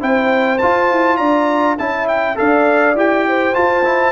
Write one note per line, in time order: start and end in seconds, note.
0.00 0.61 C4
0.00 0.59 E4
0.00 1.17 C5
0.00 0.58 G5
0.58 1.78 F4
0.58 0.91 F4
0.58 1.17 A5
0.91 1.19 E4
1.17 1.78 D4
1.17 1.76 D5
1.17 1.76 A#5
1.78 2.38 C#4
1.78 2.35 E4
1.78 2.37 E5
1.78 2.08 A5
2.08 2.37 G5
2.35 2.95 D4
2.35 2.94 A4
2.35 3.28 D5
2.35 2.97 F5
2.95 3.54 E4
2.95 3.53 G4
2.95 3.55 G5
3.28 4.12 C5
3.53 3.83 F4
3.53 4.12 F4
3.53 4.12 A5
3.84 4.12 E4